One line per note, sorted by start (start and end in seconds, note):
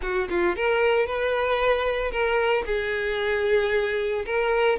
0.01 0.28 F#4
0.29 0.56 F4
0.56 1.06 A#4
1.06 2.11 B4
2.11 2.64 A#4
2.65 4.25 G#4
4.25 4.78 A#4